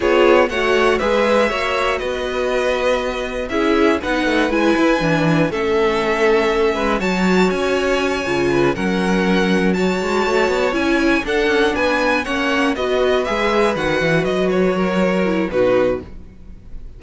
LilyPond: <<
  \new Staff \with { instrumentName = "violin" } { \time 4/4 \tempo 4 = 120 cis''4 fis''4 e''2 | dis''2. e''4 | fis''4 gis''2 e''4~ | e''2 a''4 gis''4~ |
gis''4. fis''2 a''8~ | a''4. gis''4 fis''4 gis''8~ | gis''8 fis''4 dis''4 e''4 fis''8~ | fis''8 dis''8 cis''2 b'4 | }
  \new Staff \with { instrumentName = "violin" } { \time 4/4 gis'4 cis''4 b'4 cis''4 | b'2. gis'4 | b'2. a'4~ | a'4. b'8 cis''2~ |
cis''4 b'8 ais'2 cis''8~ | cis''2~ cis''8 a'4 b'8~ | b'8 cis''4 b'2~ b'8~ | b'4. ais'4. fis'4 | }
  \new Staff \with { instrumentName = "viola" } { \time 4/4 f'4 fis'4 gis'4 fis'4~ | fis'2. e'4 | dis'4 e'4 d'4 cis'4~ | cis'2 fis'2~ |
fis'8 f'4 cis'2 fis'8~ | fis'4. e'4 d'4.~ | d'8 cis'4 fis'4 gis'4 fis'8~ | fis'2~ fis'8 e'8 dis'4 | }
  \new Staff \with { instrumentName = "cello" } { \time 4/4 b4 a4 gis4 ais4 | b2. cis'4 | b8 a8 gis8 e'8 e4 a4~ | a4. gis8 fis4 cis'4~ |
cis'8 cis4 fis2~ fis8 | gis8 a8 b8 cis'4 d'8 cis'8 b8~ | b8 ais4 b4 gis4 dis8 | e8 fis2~ fis8 b,4 | }
>>